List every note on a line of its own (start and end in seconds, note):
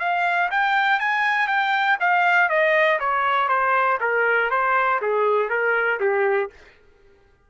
0.00 0.50 F5
0.51 1.00 G5
1.00 1.48 G#5
1.48 1.98 G5
2.00 2.50 F5
2.50 3.00 D#5
3.00 3.48 C#5
3.48 3.98 C5
4.01 4.51 A#4
4.51 5.01 C5
5.02 5.50 G#4
5.50 6.00 A#4
6.00 6.50 G4